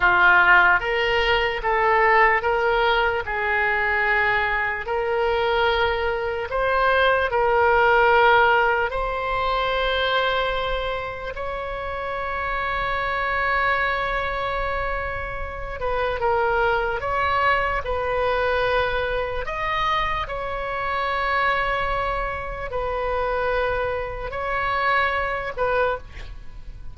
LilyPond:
\new Staff \with { instrumentName = "oboe" } { \time 4/4 \tempo 4 = 74 f'4 ais'4 a'4 ais'4 | gis'2 ais'2 | c''4 ais'2 c''4~ | c''2 cis''2~ |
cis''2.~ cis''8 b'8 | ais'4 cis''4 b'2 | dis''4 cis''2. | b'2 cis''4. b'8 | }